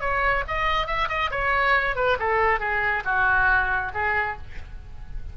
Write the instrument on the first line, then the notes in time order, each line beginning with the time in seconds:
oboe
0.00 C#5
0.47 D#5
0.87 E5
1.08 D#5
1.30 C#5
1.95 B4
2.19 A4
2.59 G#4
3.05 F#4
3.93 G#4